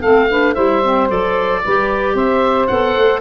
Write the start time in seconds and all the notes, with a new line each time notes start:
0.00 A3 C4 A4 F5
0.30 D4 B4
0.54 G3 E4 C5 E5
0.83 C4
1.09 F#3 A4 D5
1.65 G3 G4 B4
2.14 C4 C5 E5
2.67 B3 A4 F#5
2.96 A3